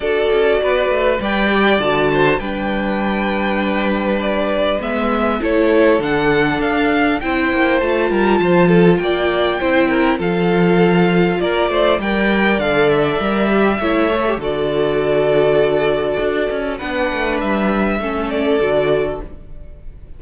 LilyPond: <<
  \new Staff \with { instrumentName = "violin" } { \time 4/4 \tempo 4 = 100 d''2 g''4 a''4 | g''2. d''4 | e''4 cis''4 fis''4 f''4 | g''4 a''2 g''4~ |
g''4 f''2 d''4 | g''4 f''8 e''2~ e''8 | d''1 | fis''4 e''4. d''4. | }
  \new Staff \with { instrumentName = "violin" } { \time 4/4 a'4 b'4 d''4. c''8 | b'1~ | b'4 a'2. | c''4. ais'8 c''8 a'8 d''4 |
c''8 ais'8 a'2 ais'8 c''8 | d''2. cis''4 | a'1 | b'2 a'2 | }
  \new Staff \with { instrumentName = "viola" } { \time 4/4 fis'2 b'8 g'8 fis'4 | d'1 | b4 e'4 d'2 | e'4 f'2. |
e'4 f'2. | ais'4 a'4 ais'8 g'8 e'8 a'16 g'16 | fis'1 | d'2 cis'4 fis'4 | }
  \new Staff \with { instrumentName = "cello" } { \time 4/4 d'8 cis'8 b8 a8 g4 d4 | g1 | gis4 a4 d4 d'4 | c'8 ais8 a8 g8 f4 ais4 |
c'4 f2 ais8 a8 | g4 d4 g4 a4 | d2. d'8 cis'8 | b8 a8 g4 a4 d4 | }
>>